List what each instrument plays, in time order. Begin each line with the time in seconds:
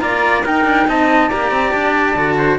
0.00 cello A#3 F4, trumpet D5, flute A#5
0.45 cello D#4, trumpet A#4, flute G5
0.65 cello D4
0.88 cello C4, trumpet D#5, flute A5
1.29 cello A#3 G4, trumpet D5, flute A#5
1.51 cello C4
1.72 cello D4, flute A5
2.16 cello D3 F#4
2.38 trumpet C5